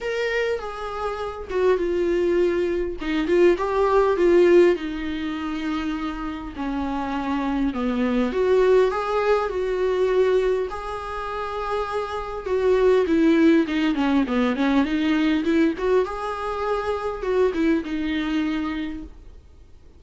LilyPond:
\new Staff \with { instrumentName = "viola" } { \time 4/4 \tempo 4 = 101 ais'4 gis'4. fis'8 f'4~ | f'4 dis'8 f'8 g'4 f'4 | dis'2. cis'4~ | cis'4 b4 fis'4 gis'4 |
fis'2 gis'2~ | gis'4 fis'4 e'4 dis'8 cis'8 | b8 cis'8 dis'4 e'8 fis'8 gis'4~ | gis'4 fis'8 e'8 dis'2 | }